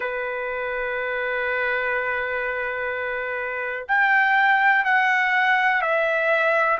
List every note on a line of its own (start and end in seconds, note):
0.00 3.85 B4
3.88 4.84 G5
4.84 5.81 F#5
5.81 6.78 E5